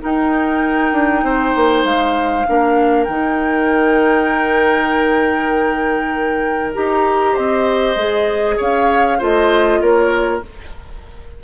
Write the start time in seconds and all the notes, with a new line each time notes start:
0.00 D#4 A#4 G5
0.92 D4
1.23 C4 C5
1.55 A#3
1.84 G#3 F5
2.45 A#3 D4 A#4
3.04 D#3 D#4 G5
6.74 D#4 G4 A#5
7.32 C4 C5 D#5
7.95 G#3 G#4
8.57 C#4 C#5 F5
9.18 A3 F4 C5 D#5
9.81 A#3 A#4 C#5